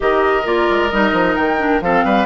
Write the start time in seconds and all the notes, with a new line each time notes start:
0.00 D#3 G4 A#4 D#5
0.44 A#3 F4 D5
0.69 G#3
0.90 G3 D#4 D#5
1.12 F3
1.35 D#3 G5
1.58 D4
1.81 F3 C4 A4 F5
2.05 G3 B4